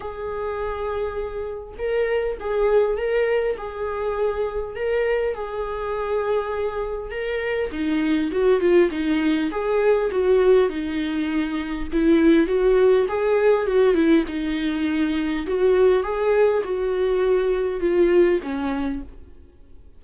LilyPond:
\new Staff \with { instrumentName = "viola" } { \time 4/4 \tempo 4 = 101 gis'2. ais'4 | gis'4 ais'4 gis'2 | ais'4 gis'2. | ais'4 dis'4 fis'8 f'8 dis'4 |
gis'4 fis'4 dis'2 | e'4 fis'4 gis'4 fis'8 e'8 | dis'2 fis'4 gis'4 | fis'2 f'4 cis'4 | }